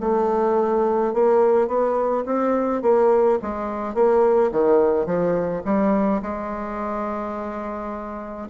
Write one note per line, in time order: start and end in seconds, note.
0.00 1.13 A3
1.14 1.67 A#3
1.67 2.24 B3
2.26 2.82 C4
2.82 3.39 A#3
3.42 3.94 G#3
3.94 4.51 A#3
4.51 5.06 D#3
5.06 5.62 F3
5.64 6.21 G3
6.22 8.49 G#3